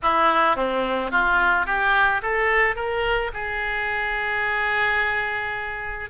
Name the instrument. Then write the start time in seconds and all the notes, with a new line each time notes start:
oboe
0.02 E4
0.56 C4
1.11 F4
1.65 G4
2.22 A4
2.75 A#4
3.33 G#4